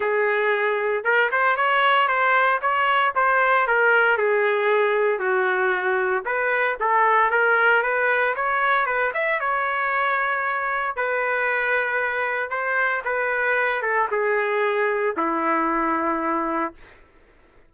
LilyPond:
\new Staff \with { instrumentName = "trumpet" } { \time 4/4 \tempo 4 = 115 gis'2 ais'8 c''8 cis''4 | c''4 cis''4 c''4 ais'4 | gis'2 fis'2 | b'4 a'4 ais'4 b'4 |
cis''4 b'8 e''8 cis''2~ | cis''4 b'2. | c''4 b'4. a'8 gis'4~ | gis'4 e'2. | }